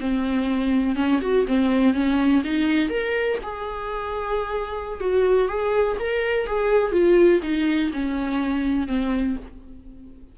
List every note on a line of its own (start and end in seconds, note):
0.00 0.96 C4
0.96 1.20 C#4
1.22 1.46 F#4
1.48 1.94 C4
1.94 2.43 C#4
2.45 2.90 D#4
2.90 3.38 A#4
3.43 5.01 G#4
5.01 5.48 F#4
5.48 5.97 G#4
6.00 6.47 A#4
6.47 6.92 G#4
6.92 7.41 F4
7.43 7.92 D#4
7.93 8.87 C#4
8.87 9.36 C4